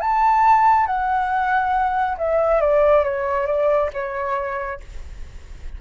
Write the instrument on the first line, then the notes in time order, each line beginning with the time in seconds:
flute
0.00 A5
0.86 F#5
2.17 E5
2.60 D5
3.04 C#5
3.46 D5
3.93 C#5